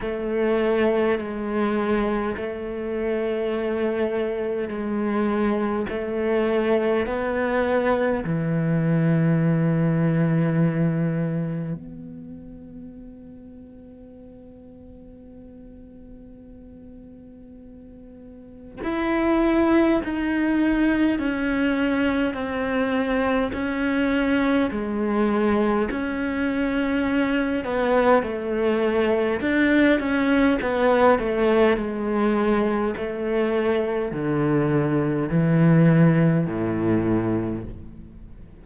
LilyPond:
\new Staff \with { instrumentName = "cello" } { \time 4/4 \tempo 4 = 51 a4 gis4 a2 | gis4 a4 b4 e4~ | e2 b2~ | b1 |
e'4 dis'4 cis'4 c'4 | cis'4 gis4 cis'4. b8 | a4 d'8 cis'8 b8 a8 gis4 | a4 d4 e4 a,4 | }